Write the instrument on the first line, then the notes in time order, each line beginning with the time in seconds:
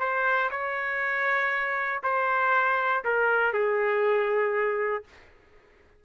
trumpet
0.00 C5
0.51 C#5
2.04 C5
3.05 A#4
3.53 G#4